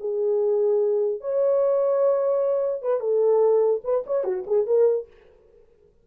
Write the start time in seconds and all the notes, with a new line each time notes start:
0.00 G#4
1.21 C#5
2.82 B4
3.00 A4
3.84 B4
4.07 C#5
4.24 F#4
4.47 G#4
4.67 A#4